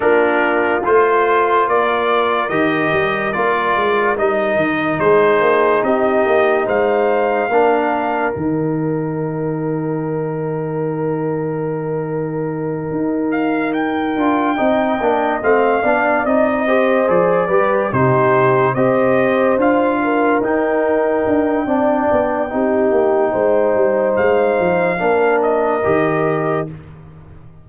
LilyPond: <<
  \new Staff \with { instrumentName = "trumpet" } { \time 4/4 \tempo 4 = 72 ais'4 c''4 d''4 dis''4 | d''4 dis''4 c''4 dis''4 | f''2 g''2~ | g''1 |
f''8 g''2 f''4 dis''8~ | dis''8 d''4 c''4 dis''4 f''8~ | f''8 g''2.~ g''8~ | g''4 f''4. dis''4. | }
  \new Staff \with { instrumentName = "horn" } { \time 4/4 f'2 ais'2~ | ais'2 gis'4 g'4 | c''4 ais'2.~ | ais'1~ |
ais'4. dis''4. d''4 | c''4 b'8 g'4 c''4. | ais'2 d''4 g'4 | c''2 ais'2 | }
  \new Staff \with { instrumentName = "trombone" } { \time 4/4 d'4 f'2 g'4 | f'4 dis'2.~ | dis'4 d'4 dis'2~ | dis'1~ |
dis'4 f'8 dis'8 d'8 c'8 d'8 dis'8 | g'8 gis'8 g'8 dis'4 g'4 f'8~ | f'8 dis'4. d'4 dis'4~ | dis'2 d'4 g'4 | }
  \new Staff \with { instrumentName = "tuba" } { \time 4/4 ais4 a4 ais4 dis8 g8 | ais8 gis8 g8 dis8 gis8 ais8 c'8 ais8 | gis4 ais4 dis2~ | dis2.~ dis8 dis'8~ |
dis'4 d'8 c'8 ais8 a8 b8 c'8~ | c'8 f8 g8 c4 c'4 d'8~ | d'8 dis'4 d'8 c'8 b8 c'8 ais8 | gis8 g8 gis8 f8 ais4 dis4 | }
>>